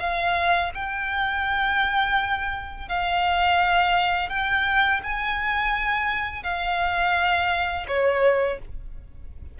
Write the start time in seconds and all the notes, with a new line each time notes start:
0.00 F5
0.75 G5
2.89 F5
4.30 G5
5.04 G#5
6.44 F5
7.88 C#5